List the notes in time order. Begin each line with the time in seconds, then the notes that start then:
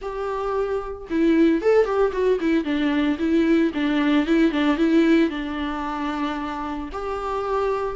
0.01 G4
1.10 E4
1.61 A4
1.85 G4
2.12 F#4
2.40 E4
2.64 D4
3.19 E4
3.73 D4
4.26 E4
4.51 D4
4.77 E4
5.30 D4
6.92 G4